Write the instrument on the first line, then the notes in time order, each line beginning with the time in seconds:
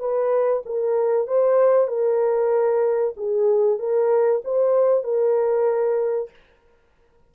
horn
0.00 B4
0.66 A#4
1.28 C5
1.88 A#4
3.17 G#4
3.79 A#4
4.45 C5
5.04 A#4